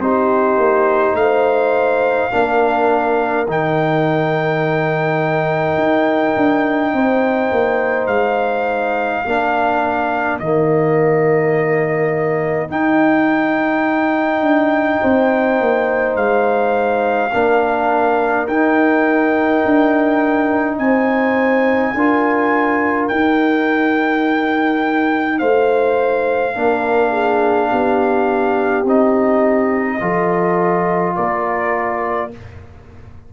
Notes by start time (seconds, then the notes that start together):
0.00 C4 D#4 G4 C5
0.58 A#3
1.14 A3 F5
1.21 C5
2.31 A#3 D4 A#4
3.48 D#3 D#4 G5
5.78 D#4
6.36 D4
6.94 C4 C5
7.52 A#3
8.07 G#3 F5
9.25 A#3 D4 A#4
10.39 D#3 A#3 D#5
12.69 D#4 G5
14.41 D4
15.02 C4 C5
15.60 A#3
16.16 G#3 F5
17.33 A#3 D4 A#4
18.48 D#4 G5
19.65 D4
20.78 C4 C5 G#5
21.94 D4 F4 A#4
23.08 D#4 G5
25.39 A3 C5 F5
26.55 A#3 D4 A#4
27.11 G#4
27.70 B3 G4
28.84 C4 D#4 D#5
30.00 F3 F4 A4
31.16 A#3 A#4 D5